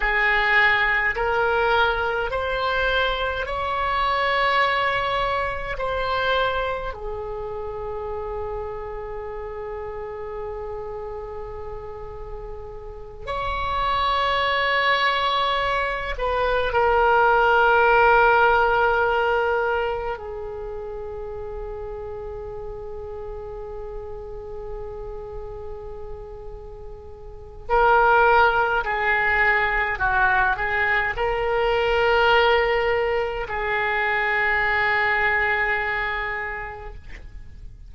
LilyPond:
\new Staff \with { instrumentName = "oboe" } { \time 4/4 \tempo 4 = 52 gis'4 ais'4 c''4 cis''4~ | cis''4 c''4 gis'2~ | gis'2.~ gis'8 cis''8~ | cis''2 b'8 ais'4.~ |
ais'4. gis'2~ gis'8~ | gis'1 | ais'4 gis'4 fis'8 gis'8 ais'4~ | ais'4 gis'2. | }